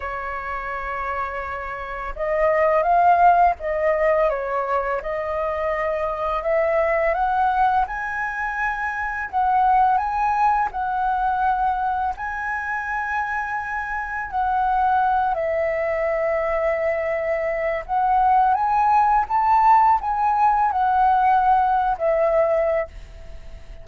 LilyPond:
\new Staff \with { instrumentName = "flute" } { \time 4/4 \tempo 4 = 84 cis''2. dis''4 | f''4 dis''4 cis''4 dis''4~ | dis''4 e''4 fis''4 gis''4~ | gis''4 fis''4 gis''4 fis''4~ |
fis''4 gis''2. | fis''4. e''2~ e''8~ | e''4 fis''4 gis''4 a''4 | gis''4 fis''4.~ fis''16 e''4~ e''16 | }